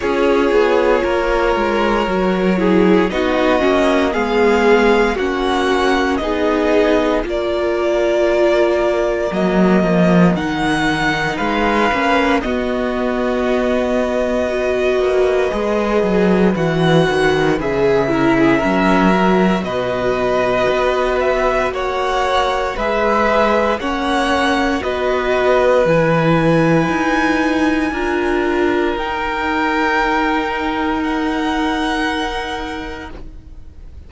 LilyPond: <<
  \new Staff \with { instrumentName = "violin" } { \time 4/4 \tempo 4 = 58 cis''2. dis''4 | f''4 fis''4 dis''4 d''4~ | d''4 dis''4 fis''4 f''4 | dis''1 |
fis''4 e''2 dis''4~ | dis''8 e''8 fis''4 e''4 fis''4 | dis''4 gis''2. | g''2 fis''2 | }
  \new Staff \with { instrumentName = "violin" } { \time 4/4 gis'4 ais'4. gis'8 fis'4 | gis'4 fis'4 gis'4 ais'4~ | ais'2. b'4 | fis'2 b'2~ |
b'4. ais'16 gis'16 ais'4 b'4~ | b'4 cis''4 b'4 cis''4 | b'2. ais'4~ | ais'1 | }
  \new Staff \with { instrumentName = "viola" } { \time 4/4 f'2 fis'8 e'8 dis'8 cis'8 | b4 cis'4 dis'4 f'4~ | f'4 ais4 dis'4. cis'8 | b2 fis'4 gis'4 |
fis'4 gis'8 e'8 cis'8 fis'4.~ | fis'2 gis'4 cis'4 | fis'4 e'2 f'4 | dis'1 | }
  \new Staff \with { instrumentName = "cello" } { \time 4/4 cis'8 b8 ais8 gis8 fis4 b8 ais8 | gis4 ais4 b4 ais4~ | ais4 fis8 f8 dis4 gis8 ais8 | b2~ b8 ais8 gis8 fis8 |
e8 dis8 cis4 fis4 b,4 | b4 ais4 gis4 ais4 | b4 e4 dis'4 d'4 | dis'1 | }
>>